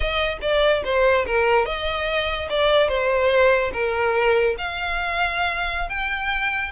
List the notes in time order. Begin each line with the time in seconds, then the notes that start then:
0.00 D#5
0.41 D5
0.84 C5
1.25 A#4
1.65 D#5
2.49 D5
2.88 C5
3.73 A#4
4.58 F5
5.89 G5